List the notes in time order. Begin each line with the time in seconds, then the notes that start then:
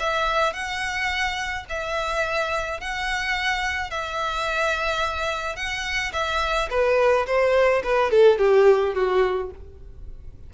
0.00 E5
0.53 F#5
1.69 E5
2.81 F#5
3.90 E5
5.56 F#5
6.13 E5
6.70 B4
7.27 C5
7.83 B4
8.11 A4
8.39 G4
8.95 F#4